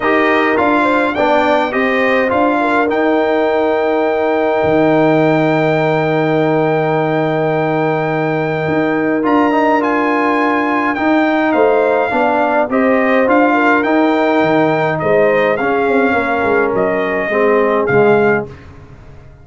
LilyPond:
<<
  \new Staff \with { instrumentName = "trumpet" } { \time 4/4 \tempo 4 = 104 dis''4 f''4 g''4 dis''4 | f''4 g''2.~ | g''1~ | g''1 |
ais''4 gis''2 g''4 | f''2 dis''4 f''4 | g''2 dis''4 f''4~ | f''4 dis''2 f''4 | }
  \new Staff \with { instrumentName = "horn" } { \time 4/4 ais'4. c''8 d''4 c''4~ | c''8 ais'2.~ ais'8~ | ais'1~ | ais'1~ |
ais'1 | c''4 d''4 c''4. ais'8~ | ais'2 c''4 gis'4 | ais'2 gis'2 | }
  \new Staff \with { instrumentName = "trombone" } { \time 4/4 g'4 f'4 d'4 g'4 | f'4 dis'2.~ | dis'1~ | dis'1 |
f'8 dis'8 f'2 dis'4~ | dis'4 d'4 g'4 f'4 | dis'2. cis'4~ | cis'2 c'4 gis4 | }
  \new Staff \with { instrumentName = "tuba" } { \time 4/4 dis'4 d'4 b4 c'4 | d'4 dis'2. | dis1~ | dis2. dis'4 |
d'2. dis'4 | a4 b4 c'4 d'4 | dis'4 dis4 gis4 cis'8 c'8 | ais8 gis8 fis4 gis4 cis4 | }
>>